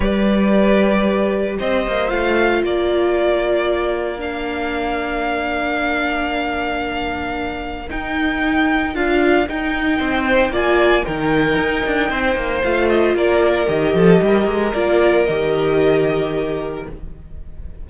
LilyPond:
<<
  \new Staff \with { instrumentName = "violin" } { \time 4/4 \tempo 4 = 114 d''2. dis''4 | f''4 d''2. | f''1~ | f''2. g''4~ |
g''4 f''4 g''2 | gis''4 g''2. | f''8 dis''8 d''4 dis''2 | d''4 dis''2. | }
  \new Staff \with { instrumentName = "violin" } { \time 4/4 b'2. c''4~ | c''4 ais'2.~ | ais'1~ | ais'1~ |
ais'2. c''4 | d''4 ais'2 c''4~ | c''4 ais'4. a'8 ais'4~ | ais'1 | }
  \new Staff \with { instrumentName = "viola" } { \time 4/4 g'1 | f'1 | d'1~ | d'2. dis'4~ |
dis'4 f'4 dis'2 | f'4 dis'2. | f'2 g'2 | f'4 g'2. | }
  \new Staff \with { instrumentName = "cello" } { \time 4/4 g2. c'8 ais8 | a4 ais2.~ | ais1~ | ais2. dis'4~ |
dis'4 d'4 dis'4 c'4 | ais4 dis4 dis'8 d'8 c'8 ais8 | a4 ais4 dis8 f8 g8 gis8 | ais4 dis2. | }
>>